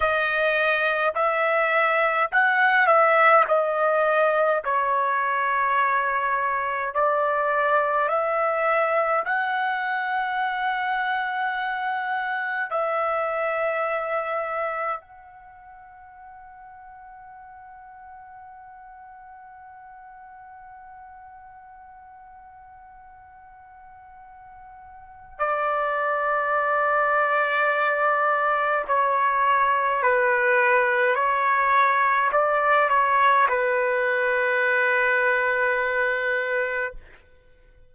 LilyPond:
\new Staff \with { instrumentName = "trumpet" } { \time 4/4 \tempo 4 = 52 dis''4 e''4 fis''8 e''8 dis''4 | cis''2 d''4 e''4 | fis''2. e''4~ | e''4 fis''2.~ |
fis''1~ | fis''2 d''2~ | d''4 cis''4 b'4 cis''4 | d''8 cis''8 b'2. | }